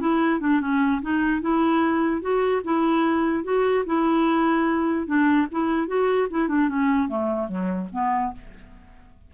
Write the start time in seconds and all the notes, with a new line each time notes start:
0.00 E4
0.40 D4
0.61 C#4
1.02 D#4
1.41 E4
2.21 F#4
2.64 E4
3.44 F#4
3.86 E4
5.06 D4
5.51 E4
5.87 F#4
6.30 E4
6.48 D4
6.69 C#4
7.08 A3
7.48 F#3
7.92 B3